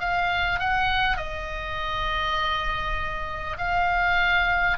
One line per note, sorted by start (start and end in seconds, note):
0.00 0.59 F5
0.59 1.17 F#5
1.17 3.57 D#5
3.58 4.78 F5